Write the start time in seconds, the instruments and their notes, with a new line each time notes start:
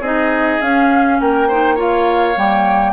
0.00 bassoon C4, clarinet D#4, oboe G#4, flute D#5
0.61 bassoon C#4, clarinet C#4, flute F5
1.20 bassoon A#3, oboe A#4, flute G5
1.48 clarinet D#4, oboe C5
1.75 clarinet F4, oboe C#5, flute F5
2.36 bassoon G3, clarinet A#3, flute G5